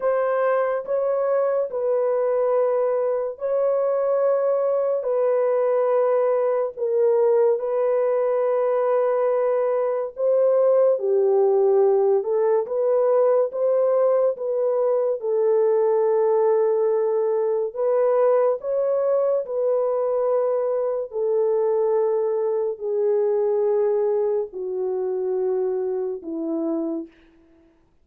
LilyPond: \new Staff \with { instrumentName = "horn" } { \time 4/4 \tempo 4 = 71 c''4 cis''4 b'2 | cis''2 b'2 | ais'4 b'2. | c''4 g'4. a'8 b'4 |
c''4 b'4 a'2~ | a'4 b'4 cis''4 b'4~ | b'4 a'2 gis'4~ | gis'4 fis'2 e'4 | }